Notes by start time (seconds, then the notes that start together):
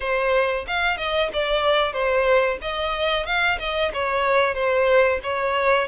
0.00 C5
0.67 F5
0.97 D#5
1.33 D5
1.92 C5
2.61 D#5
3.25 F5
3.59 D#5
3.93 C#5
4.54 C5
5.23 C#5